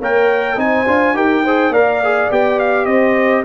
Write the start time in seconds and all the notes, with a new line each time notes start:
0.00 A#3 A#4 C#5 G5
0.57 C4 D#4 C5 G#5
0.87 D4 F4
1.14 D#4 G4 A#4 G5
1.44 G#4 C5
1.70 A#3 A#4 D5 F5
2.04 G#4
2.30 B3 G4 G5
2.60 F5
2.86 C4 C5 D#5